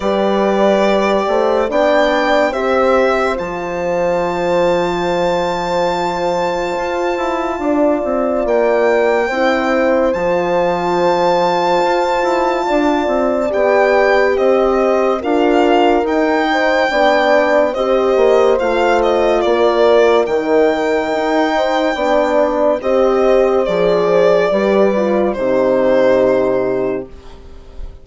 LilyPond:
<<
  \new Staff \with { instrumentName = "violin" } { \time 4/4 \tempo 4 = 71 d''2 g''4 e''4 | a''1~ | a''2 g''2 | a''1 |
g''4 dis''4 f''4 g''4~ | g''4 dis''4 f''8 dis''8 d''4 | g''2. dis''4 | d''2 c''2 | }
  \new Staff \with { instrumentName = "horn" } { \time 4/4 b'4. c''8 d''4 c''4~ | c''1~ | c''4 d''2 c''4~ | c''2. d''4~ |
d''4 c''4 ais'4. c''8 | d''4 c''2 ais'4~ | ais'4. c''8 d''4 c''4~ | c''4 b'4 g'2 | }
  \new Staff \with { instrumentName = "horn" } { \time 4/4 g'2 d'4 g'4 | f'1~ | f'2. e'4 | f'1 |
g'2 f'4 dis'4 | d'4 g'4 f'2 | dis'2 d'4 g'4 | gis'4 g'8 f'8 dis'2 | }
  \new Staff \with { instrumentName = "bassoon" } { \time 4/4 g4. a8 b4 c'4 | f1 | f'8 e'8 d'8 c'8 ais4 c'4 | f2 f'8 e'8 d'8 c'8 |
b4 c'4 d'4 dis'4 | b4 c'8 ais8 a4 ais4 | dis4 dis'4 b4 c'4 | f4 g4 c2 | }
>>